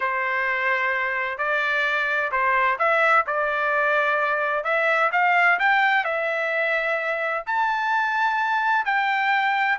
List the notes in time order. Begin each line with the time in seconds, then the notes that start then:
0.00 C5
1.38 D5
2.31 C5
2.78 E5
3.26 D5
4.63 E5
5.12 F5
5.59 G5
6.04 E5
7.46 A5
8.85 G5